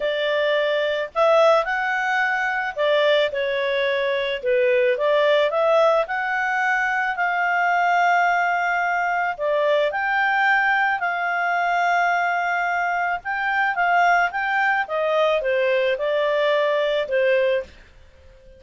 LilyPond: \new Staff \with { instrumentName = "clarinet" } { \time 4/4 \tempo 4 = 109 d''2 e''4 fis''4~ | fis''4 d''4 cis''2 | b'4 d''4 e''4 fis''4~ | fis''4 f''2.~ |
f''4 d''4 g''2 | f''1 | g''4 f''4 g''4 dis''4 | c''4 d''2 c''4 | }